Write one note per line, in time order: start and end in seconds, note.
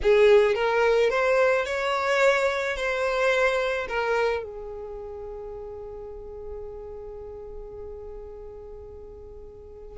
0.02 0.54 G#4
0.54 1.10 A#4
1.10 1.65 C5
1.65 2.76 C#5
2.76 3.87 C5
3.88 4.43 A#4
4.43 9.97 G#4